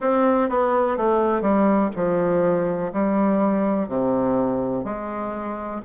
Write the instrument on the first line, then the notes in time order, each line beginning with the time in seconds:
bassoon
0.00 C4
0.49 B3
0.97 A3
1.41 G3
1.95 F3
2.93 G3
3.88 C3
4.84 G#3